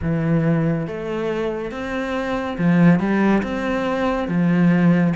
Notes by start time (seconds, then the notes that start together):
0.02 E3
0.87 A3
1.71 C4
2.58 F3
2.99 G3
3.42 C4
4.28 F3